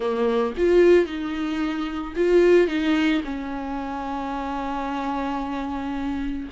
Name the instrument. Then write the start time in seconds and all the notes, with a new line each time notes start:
viola
0.00 A#3
0.57 F4
1.05 D#4
2.15 F4
2.67 D#4
3.24 C#4